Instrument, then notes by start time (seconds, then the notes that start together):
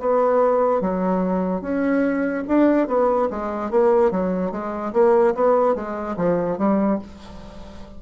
bassoon
0.00 B3
0.81 F#3
1.61 C#4
2.48 D4
2.88 B3
3.30 G#3
3.71 A#3
4.11 F#3
4.52 G#3
4.94 A#3
5.35 B3
5.75 G#3
6.17 F3
6.58 G3